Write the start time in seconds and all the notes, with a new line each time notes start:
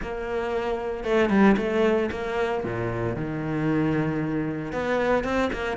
0.01 A#3
1.04 A3
1.29 G3
1.57 A3
2.11 A#3
2.64 A#2
3.16 D#3
4.72 B3
5.23 C4
5.52 A#3